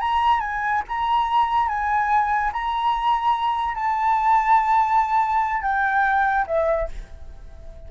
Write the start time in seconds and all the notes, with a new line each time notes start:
0.00 A#5
0.40 G#5
0.88 A#5
1.68 G#5
2.52 A#5
3.75 A5
5.62 G5
6.47 E5